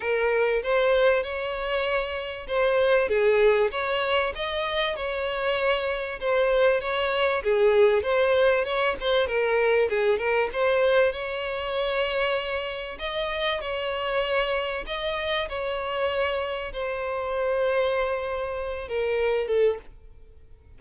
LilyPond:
\new Staff \with { instrumentName = "violin" } { \time 4/4 \tempo 4 = 97 ais'4 c''4 cis''2 | c''4 gis'4 cis''4 dis''4 | cis''2 c''4 cis''4 | gis'4 c''4 cis''8 c''8 ais'4 |
gis'8 ais'8 c''4 cis''2~ | cis''4 dis''4 cis''2 | dis''4 cis''2 c''4~ | c''2~ c''8 ais'4 a'8 | }